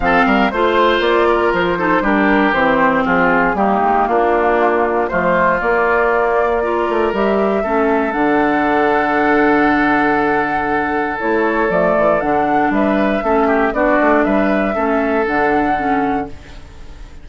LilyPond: <<
  \new Staff \with { instrumentName = "flute" } { \time 4/4 \tempo 4 = 118 f''4 c''4 d''4 c''4 | ais'4 c''4 gis'4 g'4 | f'2 c''4 d''4~ | d''2 e''2 |
fis''1~ | fis''2 cis''4 d''4 | fis''4 e''2 d''4 | e''2 fis''2 | }
  \new Staff \with { instrumentName = "oboe" } { \time 4/4 a'8 ais'8 c''4. ais'4 a'8 | g'2 f'4 dis'4 | d'2 f'2~ | f'4 ais'2 a'4~ |
a'1~ | a'1~ | a'4 b'4 a'8 g'8 fis'4 | b'4 a'2. | }
  \new Staff \with { instrumentName = "clarinet" } { \time 4/4 c'4 f'2~ f'8 dis'8 | d'4 c'2 ais4~ | ais2 a4 ais4~ | ais4 f'4 g'4 cis'4 |
d'1~ | d'2 e'4 a4 | d'2 cis'4 d'4~ | d'4 cis'4 d'4 cis'4 | }
  \new Staff \with { instrumentName = "bassoon" } { \time 4/4 f8 g8 a4 ais4 f4 | g4 e4 f4 g8 gis8 | ais2 f4 ais4~ | ais4. a8 g4 a4 |
d1~ | d2 a4 f8 e8 | d4 g4 a4 b8 a8 | g4 a4 d2 | }
>>